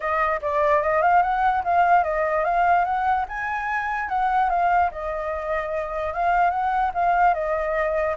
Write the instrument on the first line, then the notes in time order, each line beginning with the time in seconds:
flute
0.00 D#5
0.41 D5
0.82 D#5
1.02 F5
1.22 F#5
1.63 F5
2.03 D#5
2.44 F5
2.84 F#5
3.28 G#5
4.08 F#5
4.49 F5
4.91 D#5
6.13 F5
6.50 F#5
6.94 F5
7.34 D#5